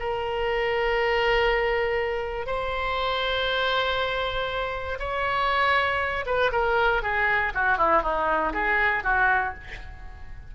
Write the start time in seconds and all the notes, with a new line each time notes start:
0.00 A#4
2.47 C5
5.00 C#5
6.27 B4
6.52 A#4
7.03 G#4
7.55 F#4
7.78 E4
8.03 D#4
8.53 G#4
9.04 F#4